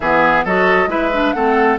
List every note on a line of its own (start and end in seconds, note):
0.00 0.44 E3
0.00 0.47 B3
0.00 0.44 G#4
0.00 0.44 E5
0.44 0.87 F#3
0.44 0.88 F#4
0.44 0.89 A4
0.44 0.89 D#5
0.87 1.31 G#3
0.87 1.10 E4
0.87 1.35 B4
0.87 1.32 E5
1.13 1.35 D4
1.32 1.78 A3
1.32 1.78 C4
1.32 1.78 A4
1.32 1.77 F#5